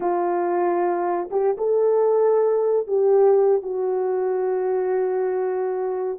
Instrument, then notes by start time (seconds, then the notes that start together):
horn
0.00 F4
1.30 G4
1.57 A4
2.87 G4
3.62 F#4